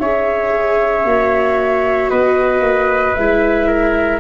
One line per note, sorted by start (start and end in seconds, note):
0.00 1.05 C#4
0.00 1.06 G#4
0.00 2.11 C#5
0.00 2.10 E5
1.05 2.10 A#3
1.05 3.17 F#4
2.10 2.61 B3
2.10 3.68 B4
2.10 3.15 D#5
2.61 3.13 A#3
3.15 4.21 G#3
3.15 4.21 E4
3.15 4.20 E5
3.68 4.20 A#4